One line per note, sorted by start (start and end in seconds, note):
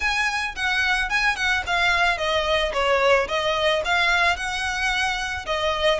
0.00 0.55 G#5
0.55 1.09 F#5
1.09 1.36 G#5
1.36 1.63 F#5
1.66 2.17 F5
2.17 2.72 D#5
2.73 3.27 C#5
3.28 3.82 D#5
3.84 4.36 F5
4.36 5.45 F#5
5.46 5.99 D#5